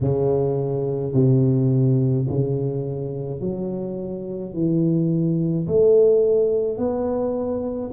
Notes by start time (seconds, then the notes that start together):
0.01 C#3
1.13 C3
2.28 C#3
3.40 F#3
4.53 E3
5.67 A3
6.77 B3